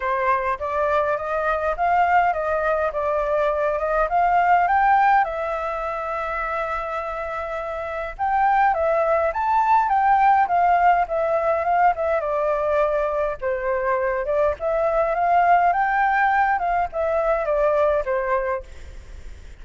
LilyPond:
\new Staff \with { instrumentName = "flute" } { \time 4/4 \tempo 4 = 103 c''4 d''4 dis''4 f''4 | dis''4 d''4. dis''8 f''4 | g''4 e''2.~ | e''2 g''4 e''4 |
a''4 g''4 f''4 e''4 | f''8 e''8 d''2 c''4~ | c''8 d''8 e''4 f''4 g''4~ | g''8 f''8 e''4 d''4 c''4 | }